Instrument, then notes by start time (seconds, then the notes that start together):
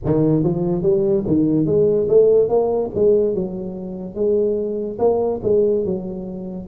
tuba
0.04 D#3
0.43 F3
0.82 G3
1.27 D#3
1.66 G#3
2.08 A3
2.48 A#3
2.94 G#3
3.34 F#3
4.14 G#3
4.98 A#3
5.42 G#3
5.84 F#3